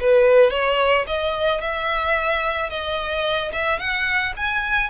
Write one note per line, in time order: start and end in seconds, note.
0.00 0.51 B4
0.51 1.05 C#5
1.07 1.61 D#5
1.61 2.70 E5
2.70 3.51 D#5
3.52 3.79 E5
3.79 4.33 F#5
4.36 4.90 G#5